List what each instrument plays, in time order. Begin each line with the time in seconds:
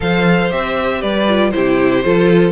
0.00 cello F3, viola A4, violin C5 F5
0.50 cello C4, viola G4, violin E5
1.01 cello G3, violin B4 D5
1.28 viola F4
1.50 cello C3, viola E4, violin G4 C5
2.04 cello F3, viola F4, violin A4